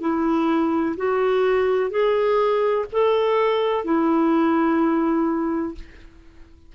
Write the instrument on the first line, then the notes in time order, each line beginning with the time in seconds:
clarinet
0.00 E4
0.97 F#4
1.90 G#4
2.91 A4
3.84 E4